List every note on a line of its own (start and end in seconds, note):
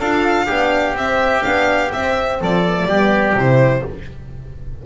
0.00 0.48 D4
0.00 0.48 F4
0.00 0.46 A4
0.00 0.97 F5
0.46 0.95 B3
0.46 0.96 D4
0.46 2.38 G4
0.95 1.43 C4
0.95 1.43 E5
1.43 1.94 B3
1.43 1.91 D4
1.43 1.91 F5
1.93 2.66 C4
1.93 2.42 C4
1.93 2.41 E5
2.41 2.86 F3
2.41 2.88 A4
2.41 3.39 D5
2.66 2.76 B3
2.76 2.88 A3
2.86 3.34 G3
2.86 3.37 B3
2.86 3.84 G4
3.35 3.83 C3
3.35 3.85 E4
3.35 3.87 C5